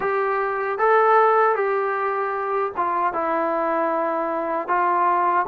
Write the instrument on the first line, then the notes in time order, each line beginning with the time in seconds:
trombone
0.00 G4
0.78 A4
1.55 G4
2.76 F4
3.13 E4
4.68 F4